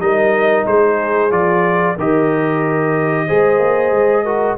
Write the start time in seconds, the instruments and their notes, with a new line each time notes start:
0.00 tuba G3, trombone D#4, horn A#4, trumpet D#5
0.67 tuba G#3, horn G#4, trumpet C5
1.31 tuba F3, trombone F4, trumpet D5
1.96 tuba D#3, trombone G4, horn A#4, trumpet D#5
3.27 tuba G#3, trombone G#4, horn C5
3.59 tuba A#3
3.91 tuba G#3
4.24 trombone F#4, horn A#4